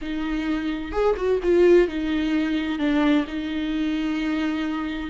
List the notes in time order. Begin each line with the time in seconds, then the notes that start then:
0.01 D#4
0.92 G#4
1.16 F#4
1.42 F4
1.88 D#4
2.78 D4
3.27 D#4